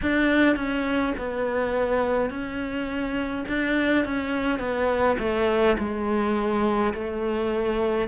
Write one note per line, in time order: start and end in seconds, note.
0.02 0.56 D4
0.56 1.13 C#4
1.17 2.30 B3
2.30 3.45 C#4
3.48 4.04 D4
4.04 4.58 C#4
4.58 5.16 B3
5.19 5.76 A3
5.78 6.93 G#3
6.94 8.08 A3